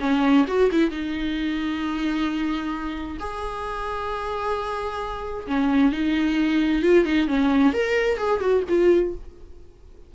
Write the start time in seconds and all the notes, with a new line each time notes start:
0.00 C#4
0.47 F#4
0.72 E4
0.90 D#4
3.20 G#4
5.47 C#4
5.92 D#4
6.82 F4
7.05 D#4
7.28 C#4
7.73 A#4
8.18 G#4
8.40 F#4
8.69 F4